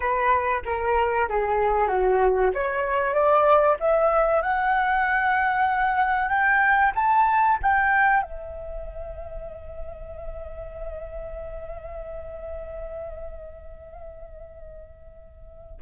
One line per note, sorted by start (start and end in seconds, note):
0.00 0.62 B4
0.65 1.28 A#4
1.29 1.87 G#4
1.87 2.51 F#4
2.53 3.13 C#5
3.13 3.77 D5
3.80 4.42 E5
4.42 6.28 F#5
6.28 6.92 G5
6.95 7.58 A5
7.62 8.22 G5
8.22 15.80 E5